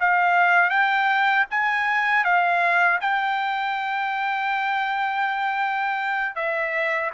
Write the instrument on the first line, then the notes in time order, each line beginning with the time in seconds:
trumpet
0.00 F5
0.70 G5
1.51 G#5
2.24 F5
3.01 G5
6.35 E5